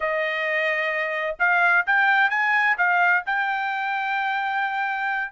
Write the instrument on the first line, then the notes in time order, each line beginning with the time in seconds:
trumpet
0.00 D#5
1.39 F5
1.86 G5
2.30 G#5
2.77 F5
3.25 G5